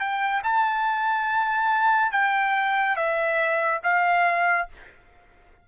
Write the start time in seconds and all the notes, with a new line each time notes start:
0.00 G5
0.44 A5
2.12 G5
2.97 E5
3.84 F5